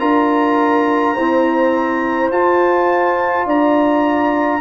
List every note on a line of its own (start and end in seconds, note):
0.00 1.15 D4
0.00 1.16 F4
0.00 1.15 A#4
0.00 2.31 A#5
1.15 2.31 C4
1.15 2.31 E4
1.15 3.45 C5
2.31 3.46 F4
2.31 4.61 F4
2.31 3.47 A5
3.46 4.61 D4
3.46 4.61 D5
3.46 4.61 A#5